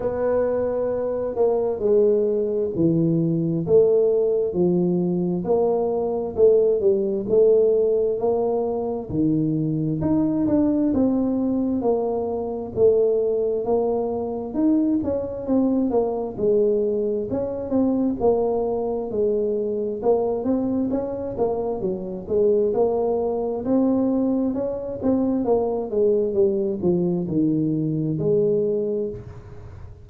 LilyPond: \new Staff \with { instrumentName = "tuba" } { \time 4/4 \tempo 4 = 66 b4. ais8 gis4 e4 | a4 f4 ais4 a8 g8 | a4 ais4 dis4 dis'8 d'8 | c'4 ais4 a4 ais4 |
dis'8 cis'8 c'8 ais8 gis4 cis'8 c'8 | ais4 gis4 ais8 c'8 cis'8 ais8 | fis8 gis8 ais4 c'4 cis'8 c'8 | ais8 gis8 g8 f8 dis4 gis4 | }